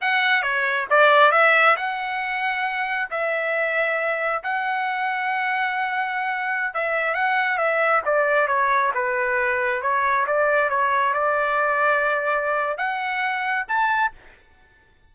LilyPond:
\new Staff \with { instrumentName = "trumpet" } { \time 4/4 \tempo 4 = 136 fis''4 cis''4 d''4 e''4 | fis''2. e''4~ | e''2 fis''2~ | fis''2.~ fis''16 e''8.~ |
e''16 fis''4 e''4 d''4 cis''8.~ | cis''16 b'2 cis''4 d''8.~ | d''16 cis''4 d''2~ d''8.~ | d''4 fis''2 a''4 | }